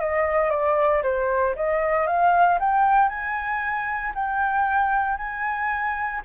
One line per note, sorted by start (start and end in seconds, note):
0.00 0.50 D#5
0.50 1.02 D5
1.03 1.55 C5
1.56 2.07 D#5
2.07 2.59 F5
2.59 3.09 G5
3.09 4.13 G#5
4.15 5.17 G5
5.17 6.22 G#5